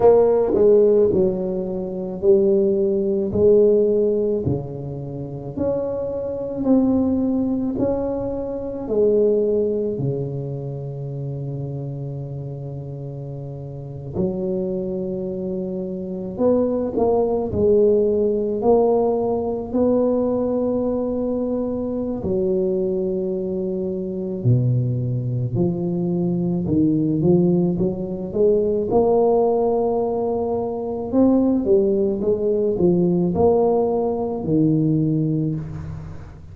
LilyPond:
\new Staff \with { instrumentName = "tuba" } { \time 4/4 \tempo 4 = 54 ais8 gis8 fis4 g4 gis4 | cis4 cis'4 c'4 cis'4 | gis4 cis2.~ | cis8. fis2 b8 ais8 gis16~ |
gis8. ais4 b2~ b16 | fis2 b,4 f4 | dis8 f8 fis8 gis8 ais2 | c'8 g8 gis8 f8 ais4 dis4 | }